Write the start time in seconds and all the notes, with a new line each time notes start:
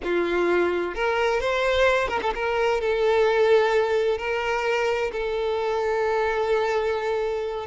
0.03 F4
0.94 A#4
1.40 C5
2.08 A#4
2.22 A4
2.34 A#4
2.80 A4
4.18 A#4
5.11 A4